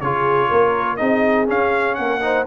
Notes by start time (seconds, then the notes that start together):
0.00 C#3 F4 G#4 C#5
0.48 A#3 A#4
0.96 C4 D#4 G#4 D#5
1.46 C#4 F5
1.94 A#3 A#4 F#5
2.21 D#4 C5